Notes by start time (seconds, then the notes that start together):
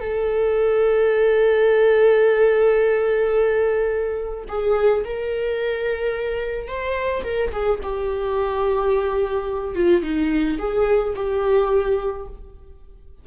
0.00 A4
4.48 G#4
5.04 A#4
6.67 C5
7.23 A#4
7.52 G#4
7.82 G4
9.75 F4
10.02 D#4
10.58 G#4
11.15 G4